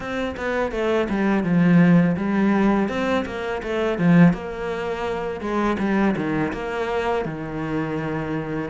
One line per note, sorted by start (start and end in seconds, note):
0.00 0.35 C4
0.36 0.71 B3
0.71 1.07 A3
1.09 1.43 G3
1.43 2.16 F3
2.17 2.88 G3
2.88 3.25 C4
3.25 3.61 A#3
3.62 3.98 A3
3.98 4.33 F3
4.33 5.40 A#3
5.40 5.76 G#3
5.78 6.14 G3
6.16 6.52 D#3
6.53 7.25 A#3
7.25 8.69 D#3